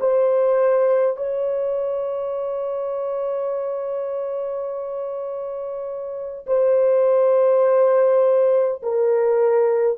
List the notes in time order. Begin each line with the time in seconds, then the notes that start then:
0.00 C5
1.16 C#5
6.46 C5
8.82 A#4